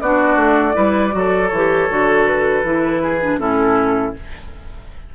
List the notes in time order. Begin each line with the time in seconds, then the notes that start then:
0.00 B3 D4 F#4 D5
0.36 A3
0.73 G3 E4 B4
1.11 F#3 F#4
1.18 A4
1.49 E3 C#5
1.55 G4
1.89 D3 F#4
2.25 B4
2.63 E3 E4
3.02 G#4
3.21 D4
3.38 A2 C#4 E4 A4